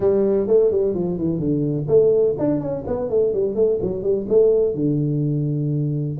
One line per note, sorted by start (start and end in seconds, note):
0.00 0.47 G3
0.47 0.71 A3
0.71 0.94 G3
0.94 1.18 F3
1.18 1.39 E3
1.39 1.87 D3
1.88 2.35 A3
2.38 2.60 D4
2.60 2.84 C#4
2.87 3.09 B3
3.09 3.33 A3
3.33 3.55 G3
3.55 3.79 A3
3.82 4.02 F#3
4.02 4.26 G3
4.28 4.74 A3
4.74 6.17 D3